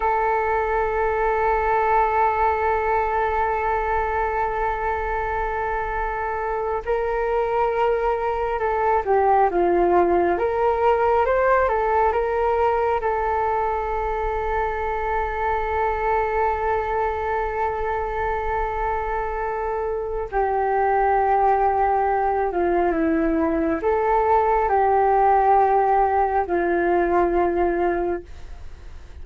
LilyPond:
\new Staff \with { instrumentName = "flute" } { \time 4/4 \tempo 4 = 68 a'1~ | a'2.~ a'8. ais'16~ | ais'4.~ ais'16 a'8 g'8 f'4 ais'16~ | ais'8. c''8 a'8 ais'4 a'4~ a'16~ |
a'1~ | a'2. g'4~ | g'4. f'8 e'4 a'4 | g'2 f'2 | }